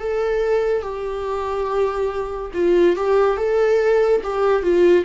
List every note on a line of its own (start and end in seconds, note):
0.00 0.83 A4
0.83 2.52 G4
2.54 2.97 F4
2.97 3.38 G4
3.38 4.22 A4
4.24 4.63 G4
4.63 5.05 F4